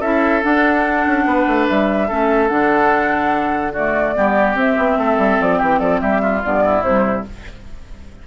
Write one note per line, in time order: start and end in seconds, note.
0.00 0.42 C#4
0.00 0.42 E4
0.00 1.24 A4
0.00 0.42 E5
0.42 2.07 D4
0.42 1.07 D4
0.42 1.68 F#5
1.07 1.25 C#4
1.25 1.46 B3
1.25 2.08 B4
1.47 1.68 A3
1.68 2.10 G3
1.68 2.48 E5
2.08 2.50 A3
2.08 2.49 C#4
2.08 3.73 A4
2.48 4.16 D3
2.48 3.73 D4
2.48 3.72 F#5
3.73 4.16 A3
3.73 4.14 F#4
3.73 4.57 D5
4.16 4.55 G3
4.16 4.56 B3
4.16 4.99 G4
4.55 4.76 C4
4.55 6.42 C4
4.55 5.41 E5
4.77 4.98 B3
4.98 5.18 A3
4.98 5.59 A4
5.18 5.38 G3
5.40 5.61 F3
5.40 5.59 D5
5.59 5.80 E3
5.59 5.79 G4
5.59 5.79 G5
5.79 6.01 F3
5.79 6.00 A4
5.79 6.00 D5
6.01 6.43 G3
6.01 6.22 G4
6.01 6.42 E5
6.22 6.63 F4
6.43 6.83 G2
6.43 6.85 B3
6.43 6.83 D5
6.65 7.27 E4
6.83 7.24 C3
6.83 7.27 G3
6.83 7.24 C5